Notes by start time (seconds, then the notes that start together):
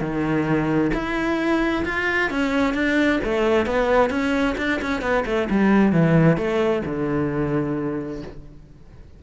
0.00 D#3
0.93 E4
1.85 F4
2.30 C#4
2.74 D4
3.24 A3
3.66 B3
4.10 C#4
4.57 D4
4.81 C#4
5.01 B3
5.25 A3
5.50 G3
5.92 E3
6.37 A3
6.86 D3